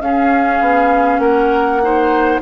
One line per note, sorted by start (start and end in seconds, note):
0.00 0.60 C#4
0.00 1.83 C#4
0.00 1.21 G#4
0.00 1.20 F5
0.60 1.19 B3
1.19 2.39 A#3
1.19 1.81 A#4
1.19 2.40 F#5
1.83 2.42 D#4
1.83 2.42 C5